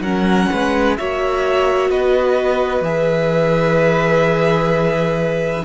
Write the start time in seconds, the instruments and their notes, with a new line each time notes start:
0.00 cello F#3, viola C#4, violin A#4 F#5
0.51 cello G#3, violin B4
0.97 cello A#3, viola F#4, violin C#5 E5
1.90 cello B3, violin B4 D#5
2.81 cello E3, viola G#4, violin E5